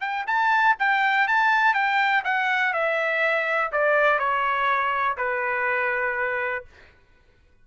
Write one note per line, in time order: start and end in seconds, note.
0.00 0.25 G5
0.26 0.75 A5
0.79 1.27 G5
1.27 1.73 A5
1.73 2.23 G5
2.24 2.73 F#5
2.73 3.71 E5
3.72 4.18 D5
4.18 5.17 C#5
5.17 6.64 B4